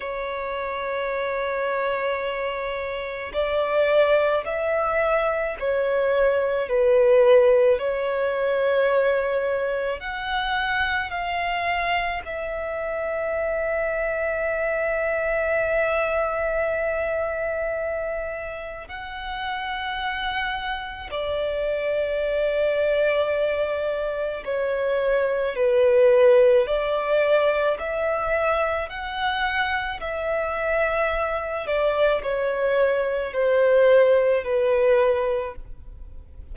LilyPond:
\new Staff \with { instrumentName = "violin" } { \time 4/4 \tempo 4 = 54 cis''2. d''4 | e''4 cis''4 b'4 cis''4~ | cis''4 fis''4 f''4 e''4~ | e''1~ |
e''4 fis''2 d''4~ | d''2 cis''4 b'4 | d''4 e''4 fis''4 e''4~ | e''8 d''8 cis''4 c''4 b'4 | }